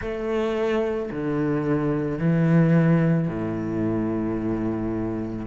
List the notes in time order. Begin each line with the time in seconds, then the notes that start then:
0.00 A3
1.11 D3
2.18 E3
3.28 A2